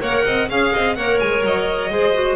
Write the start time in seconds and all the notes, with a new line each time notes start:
0.00 A#3 A#4 C#5 F#5
0.25 C4 D#5
0.49 C#4 G#4 F5
0.73 C4 D#5
0.95 A#3 A#4 C#5 F#5
1.19 G#3 G#5
1.43 F#3 D#5
1.89 G#3 G#4 C5
2.13 F#4